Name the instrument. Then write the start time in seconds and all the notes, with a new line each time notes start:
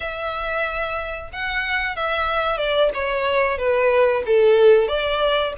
violin
0.00 E5
1.33 F#5
1.96 E5
2.57 D5
2.93 C#5
3.58 B4
4.25 A4
4.87 D5